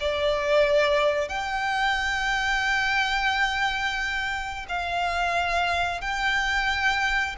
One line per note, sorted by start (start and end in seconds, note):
0.00 1.28 D5
1.28 4.65 G5
4.69 6.01 F5
6.01 7.35 G5